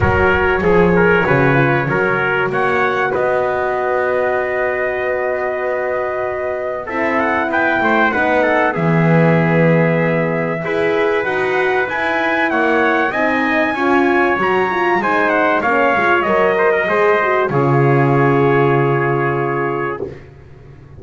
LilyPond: <<
  \new Staff \with { instrumentName = "trumpet" } { \time 4/4 \tempo 4 = 96 cis''1 | fis''4 dis''2.~ | dis''2. e''8 fis''8 | g''4 fis''4 e''2~ |
e''2 fis''4 gis''4 | fis''4 gis''2 ais''4 | gis''8 fis''8 f''4 dis''2 | cis''1 | }
  \new Staff \with { instrumentName = "trumpet" } { \time 4/4 ais'4 gis'8 ais'8 b'4 ais'4 | cis''4 b'2.~ | b'2. a'4 | b'8 c''8 b'8 a'8 gis'2~ |
gis'4 b'2. | cis''4 dis''4 cis''2 | c''4 cis''4. c''16 ais'16 c''4 | gis'1 | }
  \new Staff \with { instrumentName = "horn" } { \time 4/4 fis'4 gis'4 fis'8 f'8 fis'4~ | fis'1~ | fis'2. e'4~ | e'4 dis'4 b2~ |
b4 gis'4 fis'4 e'4~ | e'4 dis'4 f'4 fis'8 f'8 | dis'4 cis'8 f'8 ais'4 gis'8 fis'8 | f'1 | }
  \new Staff \with { instrumentName = "double bass" } { \time 4/4 fis4 f4 cis4 fis4 | ais4 b2.~ | b2. c'4 | b8 a8 b4 e2~ |
e4 e'4 dis'4 e'4 | ais4 c'4 cis'4 fis4 | gis4 ais8 gis8 fis4 gis4 | cis1 | }
>>